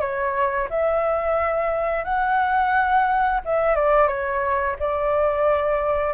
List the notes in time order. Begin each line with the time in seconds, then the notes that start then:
0.00 C#5
0.69 E5
2.04 F#5
3.45 E5
3.75 D5
4.08 C#5
4.79 D5